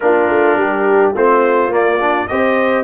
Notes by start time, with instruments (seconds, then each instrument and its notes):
0.00 tuba A#3, trombone D4, horn F4, trumpet A#4
0.29 tuba A3
0.55 tuba G3, horn G4
1.14 tuba A3, trombone C4, horn F4, trumpet C5
1.68 tuba A#3, trombone A#3, trumpet D5
1.99 trombone D4
2.27 tuba C4, trombone G4, horn C5, trumpet D#5